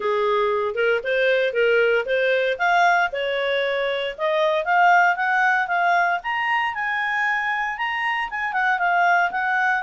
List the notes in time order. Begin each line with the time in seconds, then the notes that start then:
0.00 G#4
0.74 A#4
1.03 C5
1.53 A#4
2.05 C5
2.58 F5
3.12 C#5
4.17 D#5
4.64 F5
5.15 F#5
5.67 F5
6.23 A#5
6.74 G#5
7.77 A#5
8.30 G#5
8.53 F#5
8.79 F5
9.31 F#5